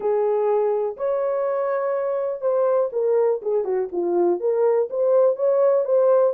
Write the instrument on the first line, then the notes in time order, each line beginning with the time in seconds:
horn
0.00 G#4
0.96 C#5
2.41 C5
2.92 A#4
3.41 G#4
3.64 F#4
3.92 F4
4.39 A#4
4.90 C5
5.36 C#5
5.84 C5